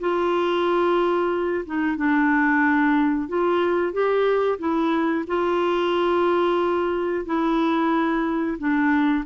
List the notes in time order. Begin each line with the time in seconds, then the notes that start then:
0.00 F4
1.66 D#4
1.97 D4
3.28 F4
3.93 G4
4.59 E4
5.27 F4
7.26 E4
8.59 D4